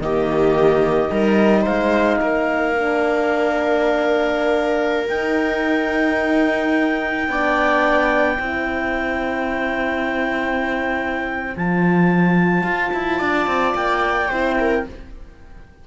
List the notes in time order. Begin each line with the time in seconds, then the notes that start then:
0.00 D#3 A#3 G4 D#5
1.10 G3 D#4 A#4
1.62 G#3 C5 F5
2.21 A#3 A#4
2.75 D4
5.09 D#4 G5
7.28 B3 D4 D5
8.39 C4 E4 C5
11.57 F3 F4 A5
12.64 F4
12.94 E4
13.19 D4 D5
13.47 C4
13.75 A#3 G5
14.29 C4 E4 C5
14.60 A#4